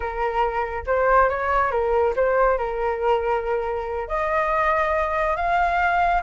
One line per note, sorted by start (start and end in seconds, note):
0.00 0.84 A#4
0.86 1.29 C5
1.29 1.71 C#5
1.71 2.14 A#4
2.15 2.57 C5
2.57 4.07 A#4
4.08 5.36 D#5
5.36 6.22 F5